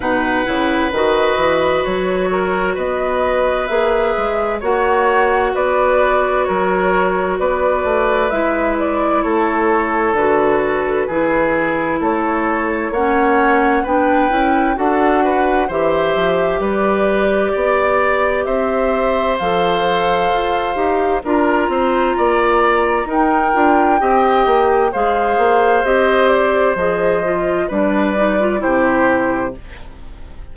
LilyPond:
<<
  \new Staff \with { instrumentName = "flute" } { \time 4/4 \tempo 4 = 65 fis''4 dis''4 cis''4 dis''4 | e''4 fis''4 d''4 cis''4 | d''4 e''8 d''8 cis''4 b'4~ | b'4 cis''4 fis''4 g''4 |
fis''4 e''4 d''2 | e''4 f''2 ais''4~ | ais''4 g''2 f''4 | dis''8 d''8 dis''4 d''4 c''4 | }
  \new Staff \with { instrumentName = "oboe" } { \time 4/4 b'2~ b'8 ais'8 b'4~ | b'4 cis''4 b'4 ais'4 | b'2 a'2 | gis'4 a'4 cis''4 b'4 |
a'8 b'8 c''4 b'4 d''4 | c''2. ais'8 c''8 | d''4 ais'4 dis''4 c''4~ | c''2 b'4 g'4 | }
  \new Staff \with { instrumentName = "clarinet" } { \time 4/4 dis'8 e'8 fis'2. | gis'4 fis'2.~ | fis'4 e'2 fis'4 | e'2 cis'4 d'8 e'8 |
fis'4 g'2.~ | g'4 a'4. g'8 f'4~ | f'4 dis'8 f'8 g'4 gis'4 | g'4 gis'8 f'8 d'8 dis'16 f'16 e'4 | }
  \new Staff \with { instrumentName = "bassoon" } { \time 4/4 b,8 cis8 dis8 e8 fis4 b4 | ais8 gis8 ais4 b4 fis4 | b8 a8 gis4 a4 d4 | e4 a4 ais4 b8 cis'8 |
d'4 e8 f8 g4 b4 | c'4 f4 f'8 dis'8 d'8 c'8 | ais4 dis'8 d'8 c'8 ais8 gis8 ais8 | c'4 f4 g4 c4 | }
>>